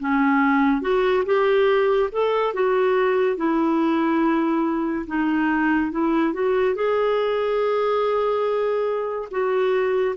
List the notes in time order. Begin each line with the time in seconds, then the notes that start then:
0.00 C#4
0.82 F#4
1.26 G4
2.12 A4
2.54 F#4
3.37 E4
5.07 D#4
5.92 E4
6.34 F#4
6.76 G#4
9.31 F#4